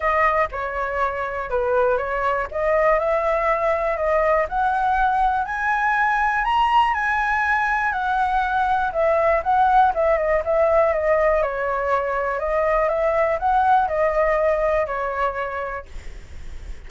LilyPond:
\new Staff \with { instrumentName = "flute" } { \time 4/4 \tempo 4 = 121 dis''4 cis''2 b'4 | cis''4 dis''4 e''2 | dis''4 fis''2 gis''4~ | gis''4 ais''4 gis''2 |
fis''2 e''4 fis''4 | e''8 dis''8 e''4 dis''4 cis''4~ | cis''4 dis''4 e''4 fis''4 | dis''2 cis''2 | }